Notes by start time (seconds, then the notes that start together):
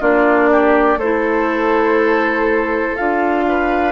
0.00 A#3 D4 F4 D5
0.52 G4
0.97 A3 A4 C5
1.03 E4
2.96 D4 F4 F5
3.48 B4